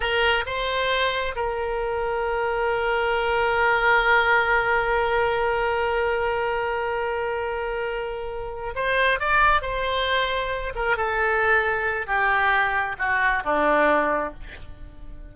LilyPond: \new Staff \with { instrumentName = "oboe" } { \time 4/4 \tempo 4 = 134 ais'4 c''2 ais'4~ | ais'1~ | ais'1~ | ais'1~ |
ais'2.~ ais'8 c''8~ | c''8 d''4 c''2~ c''8 | ais'8 a'2~ a'8 g'4~ | g'4 fis'4 d'2 | }